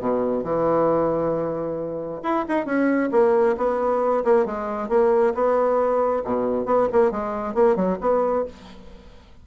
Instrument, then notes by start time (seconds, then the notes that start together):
bassoon
0.00 B2
0.44 E3
2.23 E4
2.49 D#4
2.66 C#4
3.12 A#3
3.58 B3
4.24 A#3
4.46 G#3
4.89 A#3
5.35 B3
6.25 B2
6.66 B3
6.93 A#3
7.11 G#3
7.55 A#3
7.76 F#3
8.01 B3